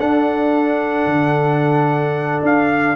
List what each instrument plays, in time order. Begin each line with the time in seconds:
0.00 trombone D4, tuba D4, horn A4, trumpet F#5
1.07 tuba D3
2.43 tuba D4, trumpet F5